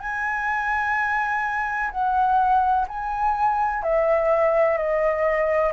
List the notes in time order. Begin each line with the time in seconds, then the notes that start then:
0.00 G#5
1.91 F#5
2.87 G#5
3.83 E5
4.77 D#5